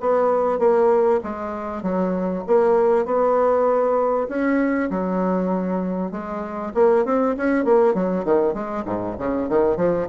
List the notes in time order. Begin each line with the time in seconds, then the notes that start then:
0.00 B3
0.59 A#3
1.23 G#3
1.83 F#3
2.47 A#3
3.05 B3
4.28 C#4
4.90 F#3
6.11 G#3
6.74 A#3
7.05 C4
7.37 C#4
7.64 A#3
7.94 F#3
8.24 D#3
8.53 G#3
8.85 G#2
9.18 C#3
9.49 D#3
9.77 F3